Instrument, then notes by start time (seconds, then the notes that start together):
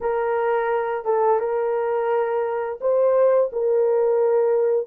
horn
0.01 A#4
1.04 A4
1.39 A#4
2.80 C5
3.52 A#4